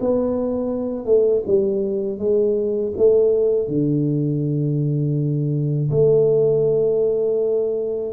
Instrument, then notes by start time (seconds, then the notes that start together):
tuba
0.00 B3
1.05 A3
1.46 G3
2.19 G#3
2.97 A3
3.68 D3
5.90 A3